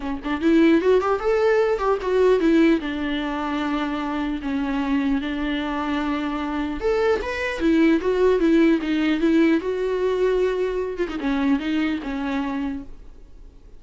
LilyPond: \new Staff \with { instrumentName = "viola" } { \time 4/4 \tempo 4 = 150 cis'8 d'8 e'4 fis'8 g'8 a'4~ | a'8 g'8 fis'4 e'4 d'4~ | d'2. cis'4~ | cis'4 d'2.~ |
d'4 a'4 b'4 e'4 | fis'4 e'4 dis'4 e'4 | fis'2.~ fis'8 f'16 dis'16 | cis'4 dis'4 cis'2 | }